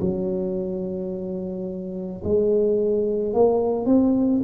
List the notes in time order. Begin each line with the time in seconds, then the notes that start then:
0.00 F#3
2.24 G#3
3.33 A#3
3.85 C4